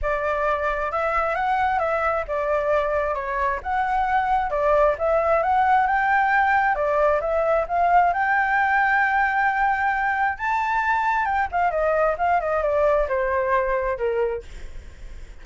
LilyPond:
\new Staff \with { instrumentName = "flute" } { \time 4/4 \tempo 4 = 133 d''2 e''4 fis''4 | e''4 d''2 cis''4 | fis''2 d''4 e''4 | fis''4 g''2 d''4 |
e''4 f''4 g''2~ | g''2. a''4~ | a''4 g''8 f''8 dis''4 f''8 dis''8 | d''4 c''2 ais'4 | }